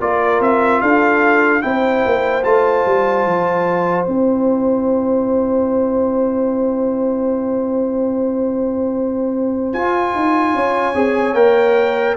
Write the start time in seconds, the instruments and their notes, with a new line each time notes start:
0.00 tuba A#3, trombone F4, horn A#4, trumpet D5
0.40 tuba C4, trumpet E5
0.80 tuba D4, horn A4, trumpet F5
1.61 tuba C4, trombone E4, horn C5, trumpet G5
2.05 tuba A#3
2.43 tuba A3, trombone F4, trumpet A5
2.85 tuba G3
3.25 tuba F3
4.05 tuba C4, trombone E4, trumpet G5
9.72 tuba F4, trombone F4, trumpet G#5
10.14 tuba D#4
10.53 tuba C#4, horn C#5
10.94 tuba C4, trombone G#4
11.34 tuba A#3, trombone A#4, trumpet G5